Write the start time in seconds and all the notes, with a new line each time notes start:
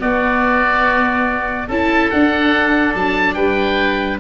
0.00 B3 F#4 D5
1.68 C#4 E4 A4 A5
2.11 D4 F#5
2.95 F#3 A5
3.35 G3 B4 G5